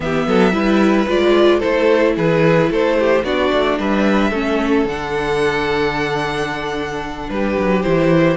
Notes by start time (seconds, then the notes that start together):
0.00 E3 B3 G4 E5
0.26 F#3 A4
0.51 G3 E4 B4
1.07 G#3 F4 D5
1.58 E4 A4 C5
1.64 A3
2.15 E3 G#4 B4
2.69 A3 A4 C5
2.98 G4
3.23 B3 D4 F#4 D5
3.52 A3
3.78 G3 B4 E5
4.30 A3 C#4 A4
4.85 D3 D4 F#5
7.29 G3 G4 B4
7.57 F#3
7.82 E3 E4 C5